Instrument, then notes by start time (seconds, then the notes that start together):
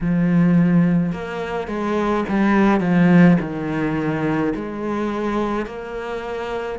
cello
0.00 F3
1.12 A#3
1.67 G#3
2.28 G3
2.80 F3
3.40 D#3
4.55 G#3
5.66 A#3